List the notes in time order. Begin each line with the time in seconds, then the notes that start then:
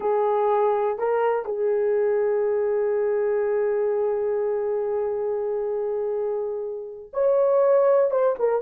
0.00 G#4
0.98 A#4
1.45 G#4
7.13 C#5
8.10 C5
8.38 A#4